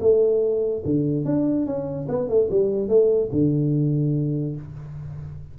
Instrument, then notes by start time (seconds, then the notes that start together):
tuba
0.00 A3
0.85 D3
1.25 D4
1.66 C#4
2.09 B3
2.29 A3
2.50 G3
2.88 A3
3.32 D3